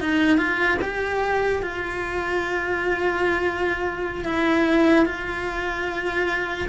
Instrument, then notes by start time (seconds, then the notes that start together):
cello
0.00 D#4
0.37 F4
0.81 G4
1.62 F4
4.25 E4
5.05 F4